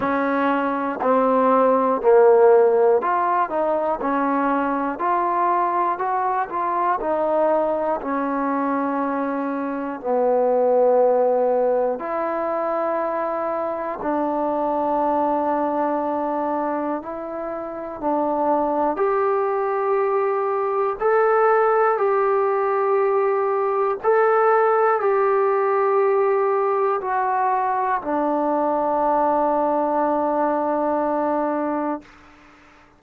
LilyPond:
\new Staff \with { instrumentName = "trombone" } { \time 4/4 \tempo 4 = 60 cis'4 c'4 ais4 f'8 dis'8 | cis'4 f'4 fis'8 f'8 dis'4 | cis'2 b2 | e'2 d'2~ |
d'4 e'4 d'4 g'4~ | g'4 a'4 g'2 | a'4 g'2 fis'4 | d'1 | }